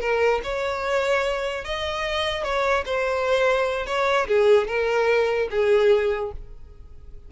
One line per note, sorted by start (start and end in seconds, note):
0.00 0.41 A#4
0.43 1.64 C#5
1.64 2.43 D#5
2.43 2.84 C#5
2.85 3.86 C5
3.86 4.27 C#5
4.27 4.67 G#4
4.67 5.48 A#4
5.50 6.31 G#4